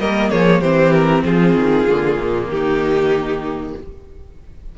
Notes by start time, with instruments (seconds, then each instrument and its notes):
0.00 cello G3, viola A#3, violin A#4 D#5
0.30 cello F3, violin G#4 C#5
0.61 cello E3, viola C4, violin G4 C5
0.93 violin A#4
1.24 cello F3, violin F4 G#4
1.55 cello D#3
1.87 cello D3, viola A#3
2.19 cello A#2
2.49 cello D#3, violin D#4 G4